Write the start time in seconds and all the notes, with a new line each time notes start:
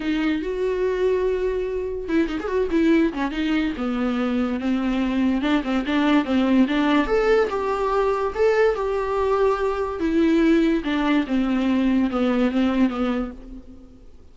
0.00 D#4
0.41 F#4
2.08 E4
2.27 D#4
2.40 G#4
2.47 F#4
2.71 E4
3.13 C#4
3.31 D#4
3.77 B3
4.59 C4
5.41 D4
5.63 C4
5.85 D4
6.24 C4
6.68 D4
7.06 A4
7.49 G4
8.34 A4
8.75 G4
9.99 E4
10.84 D4
11.27 C4
12.10 B3
12.51 C4
12.89 B3